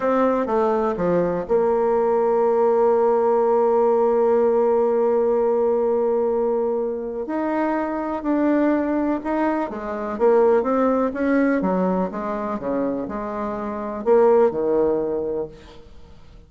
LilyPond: \new Staff \with { instrumentName = "bassoon" } { \time 4/4 \tempo 4 = 124 c'4 a4 f4 ais4~ | ais1~ | ais1~ | ais2. dis'4~ |
dis'4 d'2 dis'4 | gis4 ais4 c'4 cis'4 | fis4 gis4 cis4 gis4~ | gis4 ais4 dis2 | }